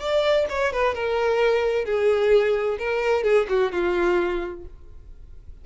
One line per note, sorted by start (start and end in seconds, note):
0.00 0.47 D5
0.50 0.73 C#5
0.73 0.95 B4
0.95 1.85 A#4
1.85 2.78 G#4
2.79 3.24 A#4
3.24 3.47 G#4
3.49 3.72 F#4
3.72 4.65 F4